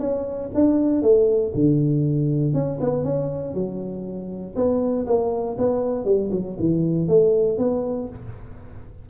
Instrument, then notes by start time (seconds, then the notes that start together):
tuba
0.00 C#4
0.55 D4
1.02 A3
1.55 D3
2.54 C#4
2.81 B3
3.04 C#4
3.54 F#3
4.56 B3
5.07 A#3
5.58 B3
6.05 G3
6.32 F#3
6.59 E3
7.08 A3
7.58 B3